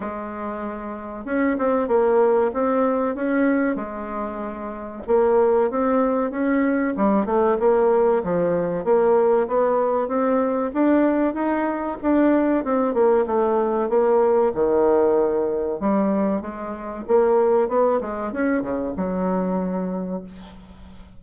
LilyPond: \new Staff \with { instrumentName = "bassoon" } { \time 4/4 \tempo 4 = 95 gis2 cis'8 c'8 ais4 | c'4 cis'4 gis2 | ais4 c'4 cis'4 g8 a8 | ais4 f4 ais4 b4 |
c'4 d'4 dis'4 d'4 | c'8 ais8 a4 ais4 dis4~ | dis4 g4 gis4 ais4 | b8 gis8 cis'8 cis8 fis2 | }